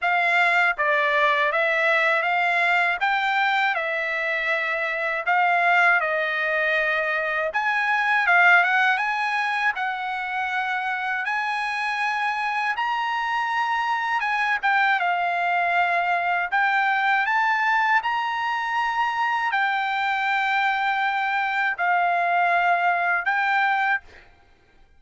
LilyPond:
\new Staff \with { instrumentName = "trumpet" } { \time 4/4 \tempo 4 = 80 f''4 d''4 e''4 f''4 | g''4 e''2 f''4 | dis''2 gis''4 f''8 fis''8 | gis''4 fis''2 gis''4~ |
gis''4 ais''2 gis''8 g''8 | f''2 g''4 a''4 | ais''2 g''2~ | g''4 f''2 g''4 | }